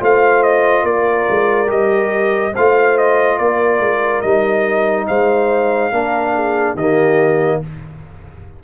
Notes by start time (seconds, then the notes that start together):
0.00 A3 F4 C5 F5
0.43 D#5
0.84 A#3 A#4 D5
1.29 G#3
1.67 G3 G4 D#5
2.53 A3 F4 C5 F5
2.98 D#5
3.39 A#3 A#4 D5
3.79 G#3
4.21 G3 D#4 D#5
5.07 G#3 C5 F5
5.92 A#3 D4 A#4
6.35 G#4
6.74 D#3 A#3 G4 D#5